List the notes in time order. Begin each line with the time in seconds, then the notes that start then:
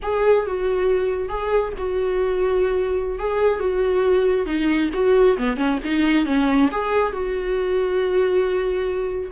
0.02 G#4
0.46 F#4
1.29 G#4
1.77 F#4
3.18 G#4
3.59 F#4
4.46 D#4
4.93 F#4
5.37 B3
5.56 C#4
5.84 D#4
6.25 C#4
6.71 G#4
7.12 F#4